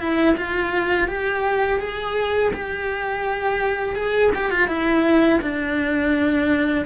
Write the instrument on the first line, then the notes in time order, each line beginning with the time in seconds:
cello
0.00 E4
0.37 F4
1.08 G4
1.80 G#4
2.54 G4
3.96 G#4
4.35 G4
4.51 F4
4.68 E4
5.42 D4